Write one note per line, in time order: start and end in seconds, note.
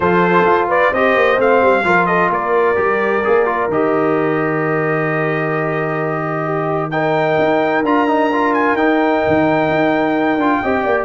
0.00 0.44 F3
0.00 0.94 F4
0.00 0.68 A4
0.00 0.68 C5
0.45 0.91 F4
0.68 0.90 B4
0.68 0.93 D5
0.90 1.15 C4
0.90 1.37 G4
0.90 1.83 C5
0.90 1.39 D#5
1.15 1.38 A#3
1.37 1.61 A3
1.37 1.83 C4
1.37 2.06 F5
1.61 1.84 G3
1.84 2.29 F3
1.84 2.75 F4
1.84 2.08 A#4
2.06 2.31 A4
2.06 2.29 D#5
2.29 2.75 A#3
2.29 6.44 A#4
2.29 3.71 D5
2.75 3.23 G3
2.75 3.21 G4
3.24 3.67 A#3
3.24 3.45 G#4
3.45 3.68 F4
3.67 7.37 D#3
3.67 6.91 G4
3.67 6.90 D#5
6.44 6.90 G4
6.90 7.84 D#4
6.90 10.61 A#4
6.90 7.83 G5
7.38 7.82 D#4
7.82 8.73 D4
7.82 8.08 F4
7.82 8.53 A#5
8.08 8.31 D#4
8.32 8.77 F4
8.53 8.76 G#5
8.73 9.19 D#4
8.73 10.39 D#4
8.73 11.04 G5
9.27 9.69 D#3
9.69 10.36 D#4
10.36 10.59 D4
10.36 10.63 F4
10.61 10.85 C4
10.61 11.04 G4
10.61 10.84 D#5
10.84 11.04 A#3
10.84 11.04 D5